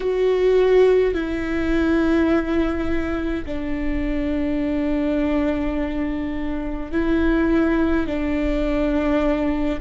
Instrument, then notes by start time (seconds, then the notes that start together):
viola
0.00 F#4
1.14 E4
3.45 D4
6.91 E4
8.07 D4